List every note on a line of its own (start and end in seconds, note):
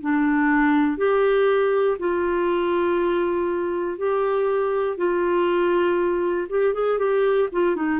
0.00 0.97 D4
0.97 1.97 G4
1.99 3.98 F4
3.98 4.97 G4
4.97 6.47 F4
6.49 6.74 G4
6.74 6.98 G#4
6.98 7.48 G4
7.52 7.75 F4
7.75 7.99 D#4